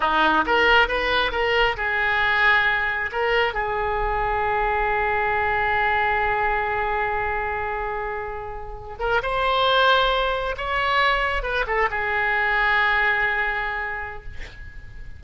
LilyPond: \new Staff \with { instrumentName = "oboe" } { \time 4/4 \tempo 4 = 135 dis'4 ais'4 b'4 ais'4 | gis'2. ais'4 | gis'1~ | gis'1~ |
gis'1~ | gis'16 ais'8 c''2. cis''16~ | cis''4.~ cis''16 b'8 a'8 gis'4~ gis'16~ | gis'1 | }